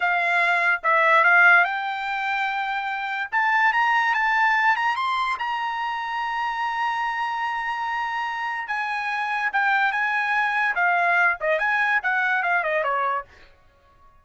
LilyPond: \new Staff \with { instrumentName = "trumpet" } { \time 4/4 \tempo 4 = 145 f''2 e''4 f''4 | g''1 | a''4 ais''4 a''4. ais''8 | c'''4 ais''2.~ |
ais''1~ | ais''4 gis''2 g''4 | gis''2 f''4. dis''8 | gis''4 fis''4 f''8 dis''8 cis''4 | }